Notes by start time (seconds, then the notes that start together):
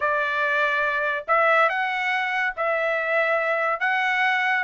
0.00 D5
1.27 E5
1.69 F#5
2.56 E5
3.80 F#5